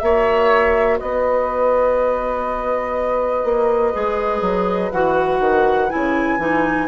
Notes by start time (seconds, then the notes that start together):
0.00 A#3 F#4 C#5 E5
0.99 B3 B4 D#5
3.44 A#3
3.93 G#3 G#4
4.41 F#3
4.92 E3 F#4 F#5
5.40 D#3
5.90 C#3 E4 G#5
6.39 E3 D#4